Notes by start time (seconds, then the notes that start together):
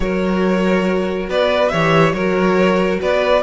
0.00 F#3 F#4 A#4 C#5
1.29 B3 B4 D5
1.68 E3 G4 C#5 E5
2.13 F#3 F#4 A#4 C#5
3.00 B3 B4 D5